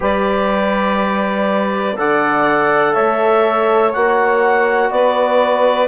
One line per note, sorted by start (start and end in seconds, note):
0.00 1.97 G3
0.00 1.95 G4
0.00 1.97 B4
0.00 1.98 D5
1.97 2.95 D3
1.97 3.93 A4
1.97 2.93 D5
1.97 2.93 F#5
2.93 3.93 A3
2.93 4.89 C#5
2.93 3.92 E5
3.92 4.90 A#3
3.92 5.88 F#4
3.92 4.91 F#5
4.90 5.88 B3
4.90 5.88 B4
4.90 5.88 D5